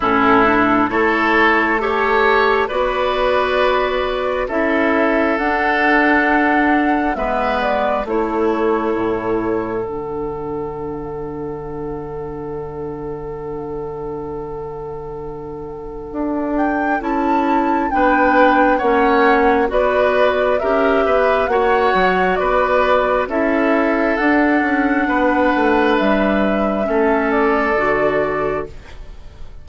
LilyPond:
<<
  \new Staff \with { instrumentName = "flute" } { \time 4/4 \tempo 4 = 67 a'4 cis''4 a'4 d''4~ | d''4 e''4 fis''2 | e''8 d''8 cis''2 fis''4~ | fis''1~ |
fis''2~ fis''8 g''8 a''4 | g''4 fis''4 d''4 e''4 | fis''4 d''4 e''4 fis''4~ | fis''4 e''4. d''4. | }
  \new Staff \with { instrumentName = "oboe" } { \time 4/4 e'4 a'4 cis''4 b'4~ | b'4 a'2. | b'4 a'2.~ | a'1~ |
a'1 | b'4 cis''4 b'4 ais'8 b'8 | cis''4 b'4 a'2 | b'2 a'2 | }
  \new Staff \with { instrumentName = "clarinet" } { \time 4/4 cis'8 d'8 e'4 g'4 fis'4~ | fis'4 e'4 d'2 | b4 e'2 d'4~ | d'1~ |
d'2. e'4 | d'4 cis'4 fis'4 g'4 | fis'2 e'4 d'4~ | d'2 cis'4 fis'4 | }
  \new Staff \with { instrumentName = "bassoon" } { \time 4/4 a,4 a2 b4~ | b4 cis'4 d'2 | gis4 a4 a,4 d4~ | d1~ |
d2 d'4 cis'4 | b4 ais4 b4 cis'8 b8 | ais8 fis8 b4 cis'4 d'8 cis'8 | b8 a8 g4 a4 d4 | }
>>